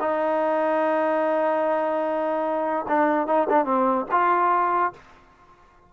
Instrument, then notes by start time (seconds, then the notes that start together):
trombone
0.00 D#4
2.88 D4
3.27 D#4
3.49 D4
3.65 C4
4.11 F4